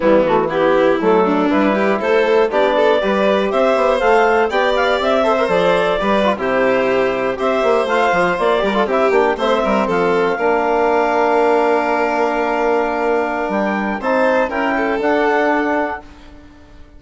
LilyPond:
<<
  \new Staff \with { instrumentName = "clarinet" } { \time 4/4 \tempo 4 = 120 e'8 fis'8 g'4 a'4 b'4 | c''4 d''2 e''4 | f''4 g''8 f''8 e''4 d''4~ | d''8. c''2 e''4 f''16~ |
f''8. d''4 e''8 g''8 e''4 f''16~ | f''1~ | f''2. g''4 | a''4 g''4 fis''2 | }
  \new Staff \with { instrumentName = "violin" } { \time 4/4 b4 e'4. d'4 g'8 | a'4 g'8 a'8 b'4 c''4~ | c''4 d''4. c''4. | b'8. g'2 c''4~ c''16~ |
c''4~ c''16 ais'16 a'16 g'4 c''8 ais'8 a'16~ | a'8. ais'2.~ ais'16~ | ais'1 | c''4 ais'8 a'2~ a'8 | }
  \new Staff \with { instrumentName = "trombone" } { \time 4/4 g8 a8 b4 a4 e'4~ | e'4 d'4 g'2 | a'4 g'4. a'16 ais'16 a'4 | g'8 f'16 e'2 g'4 f'16~ |
f'4~ f'16 g'16 f'16 e'8 d'8 c'4~ c'16~ | c'8. d'2.~ d'16~ | d'1 | dis'4 e'4 d'2 | }
  \new Staff \with { instrumentName = "bassoon" } { \time 4/4 e2 fis4 g4 | a4 b4 g4 c'8 b8 | a4 b4 c'4 f4 | g8. c2 c'8 ais8 a16~ |
a16 f8 ais8 g8 c'8 ais8 a8 g8 f16~ | f8. ais2.~ ais16~ | ais2. g4 | c'4 cis'4 d'2 | }
>>